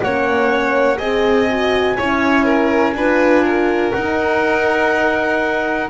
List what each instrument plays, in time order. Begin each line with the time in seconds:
0.00 double bass A#3, horn C#4, violin C#5, clarinet F#5
0.98 double bass C4, horn G#4, violin D#5, clarinet G#5
1.49 horn F#4
1.97 double bass C#4, horn E4, violin C#5
2.45 violin A#4
2.93 double bass D4, horn F4, violin B4
3.44 violin A#4
3.92 double bass D#4, horn D#4, clarinet F#5